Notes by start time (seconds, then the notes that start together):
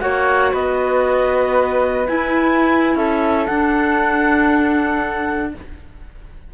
0.00 A#3 F#4 C#5 F#5
0.52 B3 B4 D#5
2.07 E4 G#5
2.96 C#4 A4 E5
3.46 D4 F#5